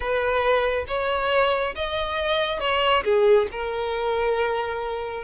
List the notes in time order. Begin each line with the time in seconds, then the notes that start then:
0.00 B4
0.87 C#5
1.75 D#5
2.60 C#5
3.04 G#4
3.51 A#4